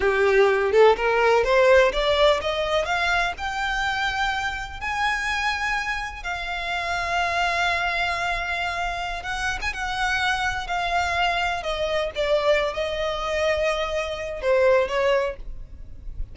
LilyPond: \new Staff \with { instrumentName = "violin" } { \time 4/4 \tempo 4 = 125 g'4. a'8 ais'4 c''4 | d''4 dis''4 f''4 g''4~ | g''2 gis''2~ | gis''4 f''2.~ |
f''2.~ f''16 fis''8. | gis''16 fis''2 f''4.~ f''16~ | f''16 dis''4 d''4~ d''16 dis''4.~ | dis''2 c''4 cis''4 | }